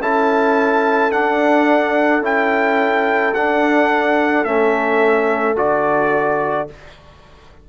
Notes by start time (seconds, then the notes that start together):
0.00 C#4 E4 A4 A5
1.11 D4 F#5
2.21 C#4 E4 G5
3.34 D4 F#5
4.44 A3 C#4 E5
5.56 D3 F#4 D5